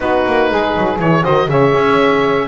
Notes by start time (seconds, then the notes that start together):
0.00 B3 D#4 F#4 B4
0.26 A#3
0.50 G#3 G#4
0.77 F#3
0.98 E3 E4 C#5
1.22 D#3 F#4 C5 D#5
1.48 C#3 G#4 C#5 E5
1.74 C#4